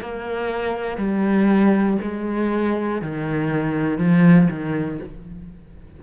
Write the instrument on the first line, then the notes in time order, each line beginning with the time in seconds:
cello
0.00 A#3
0.97 G3
2.01 G#3
3.01 D#3
3.98 F3
4.50 D#3